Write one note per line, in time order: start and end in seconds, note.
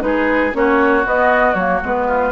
0.00 0.53 G#3
0.00 0.51 D#4
0.00 0.57 G#4
0.00 0.52 B4
0.52 1.05 A#3
0.52 1.04 C#4
0.52 2.07 F#4
0.52 1.06 C#5
1.05 1.56 B3
1.05 1.54 B3
1.05 1.54 D#5
1.54 1.80 F#3
1.54 1.82 A#3
1.54 1.80 C#5
1.83 2.32 G#3
1.83 2.32 B3
1.83 2.32 B4
2.07 2.32 F4